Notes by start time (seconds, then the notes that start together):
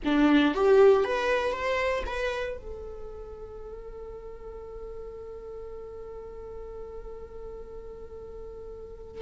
0.05 D4
0.54 G4
1.04 B4
1.52 C5
2.06 B4
2.57 A4